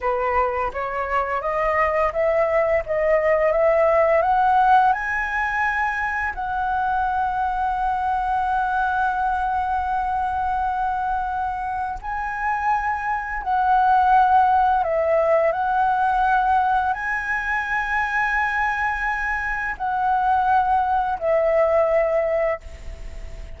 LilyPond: \new Staff \with { instrumentName = "flute" } { \time 4/4 \tempo 4 = 85 b'4 cis''4 dis''4 e''4 | dis''4 e''4 fis''4 gis''4~ | gis''4 fis''2.~ | fis''1~ |
fis''4 gis''2 fis''4~ | fis''4 e''4 fis''2 | gis''1 | fis''2 e''2 | }